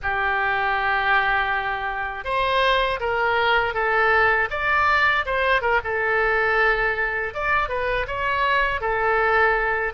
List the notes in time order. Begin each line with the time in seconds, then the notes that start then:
0.02 G4
2.24 C5
3.00 A#4
3.74 A4
4.50 D5
5.25 C5
5.61 A#4
5.84 A4
7.33 D5
7.68 B4
8.07 C#5
8.81 A4